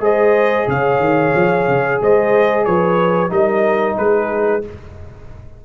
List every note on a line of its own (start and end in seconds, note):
0.00 0.66 G#3
0.00 3.30 G#4
0.00 0.69 C5
0.00 0.70 D#5
0.68 1.00 C#3
0.68 2.02 C#5
0.68 2.02 F5
1.00 1.33 D#3
1.35 1.68 F3
1.68 2.01 C#3
2.02 2.66 G#3
2.02 2.66 C5
2.02 2.65 D#5
2.65 3.31 F3
2.65 3.32 B4
2.65 3.31 C#5
3.30 3.97 G3
3.30 4.62 D#4
3.30 3.98 A#4
3.30 3.98 D#5
3.98 4.65 G#3
3.98 4.65 G#4
3.98 4.64 B4